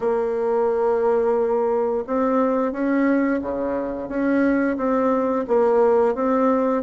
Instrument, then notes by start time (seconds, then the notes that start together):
bassoon
0.00 A#3
2.06 C4
2.72 C#4
3.41 C#3
4.08 C#4
4.77 C4
5.47 A#3
6.14 C4